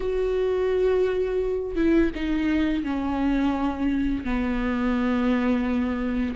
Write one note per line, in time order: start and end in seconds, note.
0.00 1.75 F#4
1.75 2.10 E4
2.15 2.83 D#4
2.83 4.24 C#4
4.24 6.35 B3